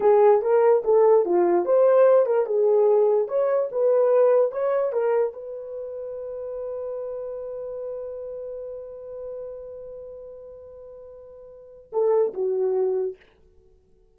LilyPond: \new Staff \with { instrumentName = "horn" } { \time 4/4 \tempo 4 = 146 gis'4 ais'4 a'4 f'4 | c''4. ais'8 gis'2 | cis''4 b'2 cis''4 | ais'4 b'2.~ |
b'1~ | b'1~ | b'1~ | b'4 a'4 fis'2 | }